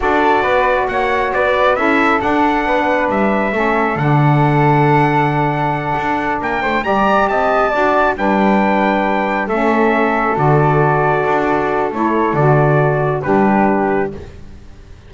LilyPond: <<
  \new Staff \with { instrumentName = "trumpet" } { \time 4/4 \tempo 4 = 136 d''2 fis''4 d''4 | e''4 fis''2 e''4~ | e''4 fis''2.~ | fis''2~ fis''8 g''4 ais''8~ |
ais''8 a''2 g''4.~ | g''4. e''2 d''8~ | d''2. cis''4 | d''2 b'2 | }
  \new Staff \with { instrumentName = "flute" } { \time 4/4 a'4 b'4 cis''4 b'4 | a'2 b'2 | a'1~ | a'2~ a'8 ais'8 c''8 d''8~ |
d''8 dis''4 d''4 b'4.~ | b'4. a'2~ a'8~ | a'1~ | a'2 g'2 | }
  \new Staff \with { instrumentName = "saxophone" } { \time 4/4 fis'1 | e'4 d'2. | cis'4 d'2.~ | d'2.~ d'8 g'8~ |
g'4. fis'4 d'4.~ | d'4. cis'2 fis'8~ | fis'2. e'4 | fis'2 d'2 | }
  \new Staff \with { instrumentName = "double bass" } { \time 4/4 d'4 b4 ais4 b4 | cis'4 d'4 b4 g4 | a4 d2.~ | d4. d'4 ais8 a8 g8~ |
g8 c'4 d'4 g4.~ | g4. a2 d8~ | d4. d'4. a4 | d2 g2 | }
>>